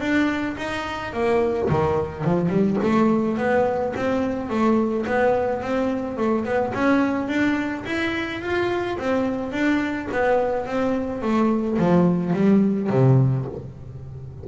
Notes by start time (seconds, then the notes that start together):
0.00 D4
0.57 D#4
1.13 A#3
1.70 D#3
2.25 F3
2.50 G3
2.83 A3
3.38 B3
3.96 C4
4.50 A3
5.07 B3
5.62 C4
6.18 A3
6.45 B3
6.74 C#4
7.28 D4
7.86 E4
8.42 F4
8.99 C4
9.52 D4
10.12 B3
10.66 C4
11.22 A3
11.79 F3
12.34 G3
12.90 C3